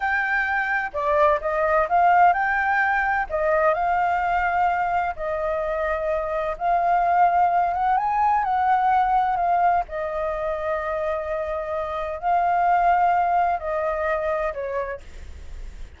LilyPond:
\new Staff \with { instrumentName = "flute" } { \time 4/4 \tempo 4 = 128 g''2 d''4 dis''4 | f''4 g''2 dis''4 | f''2. dis''4~ | dis''2 f''2~ |
f''8 fis''8 gis''4 fis''2 | f''4 dis''2.~ | dis''2 f''2~ | f''4 dis''2 cis''4 | }